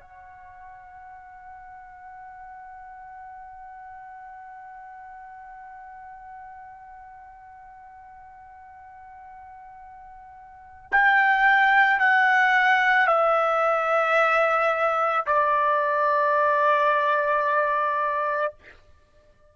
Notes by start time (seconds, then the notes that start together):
0.00 F#5
10.92 G5
12.00 F#5
13.07 E5
15.27 D5